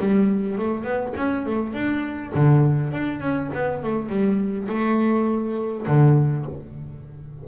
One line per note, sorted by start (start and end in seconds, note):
0.00 0.59 G3
0.59 0.84 A3
0.84 1.14 B3
1.17 1.46 C#4
1.46 1.74 A3
1.74 2.33 D4
2.35 2.93 D3
2.93 3.21 D4
3.21 3.50 C#4
3.54 3.83 B3
3.83 4.09 A3
4.09 4.68 G3
4.69 5.87 A3
5.87 6.46 D3